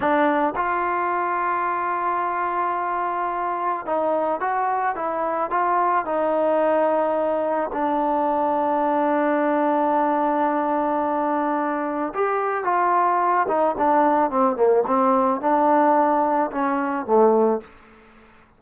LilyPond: \new Staff \with { instrumentName = "trombone" } { \time 4/4 \tempo 4 = 109 d'4 f'2.~ | f'2. dis'4 | fis'4 e'4 f'4 dis'4~ | dis'2 d'2~ |
d'1~ | d'2 g'4 f'4~ | f'8 dis'8 d'4 c'8 ais8 c'4 | d'2 cis'4 a4 | }